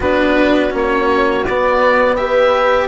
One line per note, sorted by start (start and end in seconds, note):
0.00 0.70 B3
0.00 0.70 D4
0.00 2.17 F#4
0.00 0.73 B4
0.70 1.46 A#3
0.70 1.42 C#4
0.76 1.46 C#5
1.46 2.88 B3
1.46 2.17 B3
1.46 2.16 D5
2.16 2.88 G4
2.16 2.88 B4
2.16 2.88 E5